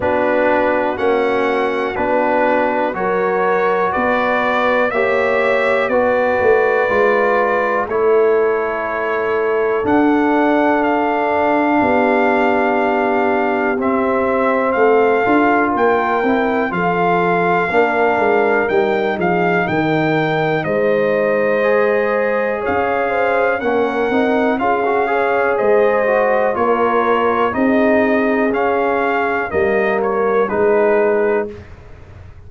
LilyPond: <<
  \new Staff \with { instrumentName = "trumpet" } { \time 4/4 \tempo 4 = 61 b'4 fis''4 b'4 cis''4 | d''4 e''4 d''2 | cis''2 fis''4 f''4~ | f''2 e''4 f''4 |
g''4 f''2 g''8 f''8 | g''4 dis''2 f''4 | fis''4 f''4 dis''4 cis''4 | dis''4 f''4 dis''8 cis''8 b'4 | }
  \new Staff \with { instrumentName = "horn" } { \time 4/4 fis'2. ais'4 | b'4 cis''4 b'2 | a'1 | g'2. a'4 |
ais'4 a'4 ais'4. gis'8 | ais'4 c''2 cis''8 c''8 | ais'4 gis'8 cis''8 c''4 ais'4 | gis'2 ais'4 gis'4 | }
  \new Staff \with { instrumentName = "trombone" } { \time 4/4 d'4 cis'4 d'4 fis'4~ | fis'4 g'4 fis'4 f'4 | e'2 d'2~ | d'2 c'4. f'8~ |
f'8 e'8 f'4 d'4 dis'4~ | dis'2 gis'2 | cis'8 dis'8 f'16 fis'16 gis'4 fis'8 f'4 | dis'4 cis'4 ais4 dis'4 | }
  \new Staff \with { instrumentName = "tuba" } { \time 4/4 b4 ais4 b4 fis4 | b4 ais4 b8 a8 gis4 | a2 d'2 | b2 c'4 a8 d'8 |
ais8 c'8 f4 ais8 gis8 g8 f8 | dis4 gis2 cis'4 | ais8 c'8 cis'4 gis4 ais4 | c'4 cis'4 g4 gis4 | }
>>